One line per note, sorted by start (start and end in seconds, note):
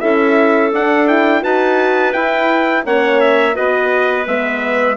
0.00 0.72 C#4
0.00 0.71 E4
0.00 1.41 A4
0.00 0.71 E5
0.72 1.42 D4
0.72 1.07 D4
0.72 1.07 F#5
1.07 1.42 E4
1.07 1.43 G5
1.41 2.14 D#4
1.41 2.12 F#4
1.41 2.83 B4
1.41 2.12 A5
2.12 2.83 E4
2.12 2.85 E4
2.12 2.83 G5
2.85 3.56 A#3
2.85 3.54 C#4
2.85 3.54 C#5
2.85 3.20 F#5
3.20 3.55 E5
3.54 4.26 B3
3.54 4.25 F#4
3.54 4.95 B4
3.54 4.26 D#5
4.26 4.96 G#3
4.26 4.96 B3
4.26 4.96 E5